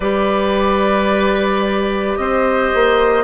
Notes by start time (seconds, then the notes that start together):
0.00 G3 G4 B4 D5
2.16 C4 C5 D#5
2.74 A#3